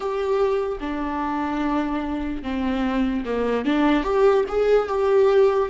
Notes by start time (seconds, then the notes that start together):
0.00 G4
0.80 D4
2.43 C4
3.25 A#3
3.65 D4
4.03 G4
4.48 G#4
4.88 G4